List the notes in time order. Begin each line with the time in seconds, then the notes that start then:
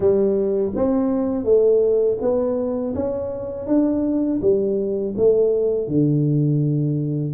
0.00 G3
0.75 C4
1.44 A3
2.21 B3
2.94 C#4
3.66 D4
4.41 G3
5.17 A3
5.87 D3